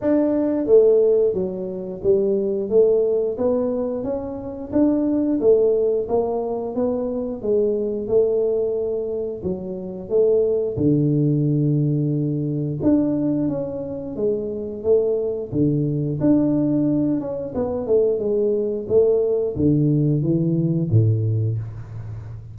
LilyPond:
\new Staff \with { instrumentName = "tuba" } { \time 4/4 \tempo 4 = 89 d'4 a4 fis4 g4 | a4 b4 cis'4 d'4 | a4 ais4 b4 gis4 | a2 fis4 a4 |
d2. d'4 | cis'4 gis4 a4 d4 | d'4. cis'8 b8 a8 gis4 | a4 d4 e4 a,4 | }